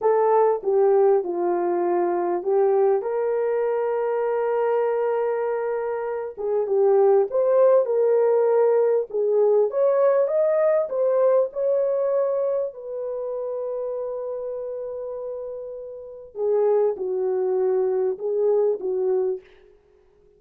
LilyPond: \new Staff \with { instrumentName = "horn" } { \time 4/4 \tempo 4 = 99 a'4 g'4 f'2 | g'4 ais'2.~ | ais'2~ ais'8 gis'8 g'4 | c''4 ais'2 gis'4 |
cis''4 dis''4 c''4 cis''4~ | cis''4 b'2.~ | b'2. gis'4 | fis'2 gis'4 fis'4 | }